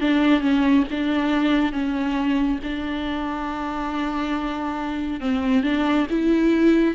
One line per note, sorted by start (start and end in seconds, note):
0.00 0.40 D4
0.40 0.83 C#4
0.91 1.72 D4
1.72 2.59 C#4
2.63 5.20 D4
5.20 5.63 C4
5.63 6.06 D4
6.09 6.94 E4